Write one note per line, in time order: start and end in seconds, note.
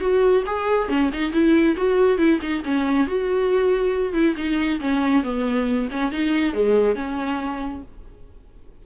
0.00 0.43 F#4
0.46 0.89 G#4
0.89 1.10 C#4
1.13 1.32 D#4
1.32 1.76 E4
1.76 2.18 F#4
2.18 2.40 E4
2.41 2.63 D#4
2.65 3.07 C#4
3.07 4.14 F#4
4.14 4.35 E4
4.37 4.80 D#4
4.80 5.23 C#4
5.23 5.89 B3
5.91 6.12 C#4
6.12 6.54 D#4
6.54 6.95 G#3
6.95 7.82 C#4